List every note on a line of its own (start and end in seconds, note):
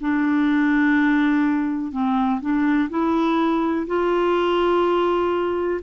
0.00 1.92 D4
1.92 2.40 C4
2.41 2.89 D4
2.89 3.86 E4
3.87 5.80 F4